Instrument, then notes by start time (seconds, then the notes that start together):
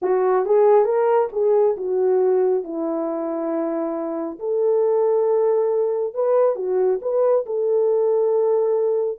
horn
0.01 F#4
0.45 G#4
0.84 A#4
1.32 G#4
1.76 F#4
2.63 E4
4.39 A4
6.14 B4
6.55 F#4
7.01 B4
7.46 A4